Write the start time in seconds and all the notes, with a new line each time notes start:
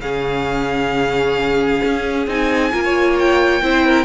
0.00 C#3 C#4 G#4 F5
1.84 C#4
2.27 C4 D#4 G#5
2.72 A#3 F4 A#4
2.84 C#5
3.19 G5
3.62 C4 E4 C5
3.86 A#4